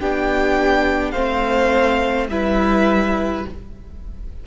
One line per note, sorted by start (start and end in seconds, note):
0.00 1.14 B3
0.00 1.15 D4
0.00 1.12 G4
0.00 1.12 G5
1.12 2.29 A3
1.12 2.30 C4
1.12 2.28 C5
1.12 2.27 F5
2.29 3.45 G3
2.29 3.46 E4
2.29 3.47 B4
2.29 3.45 E5